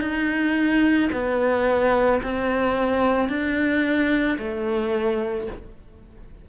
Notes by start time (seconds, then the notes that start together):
0.00 D#4
1.12 B3
2.22 C4
3.28 D4
4.38 A3